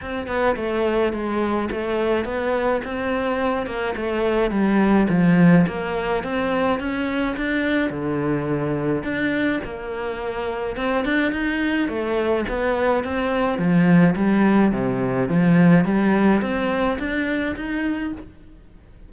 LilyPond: \new Staff \with { instrumentName = "cello" } { \time 4/4 \tempo 4 = 106 c'8 b8 a4 gis4 a4 | b4 c'4. ais8 a4 | g4 f4 ais4 c'4 | cis'4 d'4 d2 |
d'4 ais2 c'8 d'8 | dis'4 a4 b4 c'4 | f4 g4 c4 f4 | g4 c'4 d'4 dis'4 | }